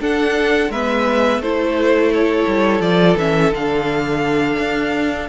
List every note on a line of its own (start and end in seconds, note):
0.00 0.71 D4
0.00 0.69 D4
0.00 0.71 A4
0.00 0.71 F#5
0.69 1.38 G#3
0.69 1.43 B3
0.69 1.41 B4
0.69 1.41 E5
1.38 2.44 A3
1.38 2.82 E4
1.38 5.29 A4
1.38 2.12 C5
2.14 2.81 C#5
2.46 2.80 G3
2.80 3.15 F3
2.80 3.17 F4
2.80 3.16 D5
3.16 3.51 E3
3.16 3.52 C#4
3.16 3.53 E5
3.52 4.57 D3
3.52 5.29 D4
3.52 5.29 F5
4.58 5.29 D4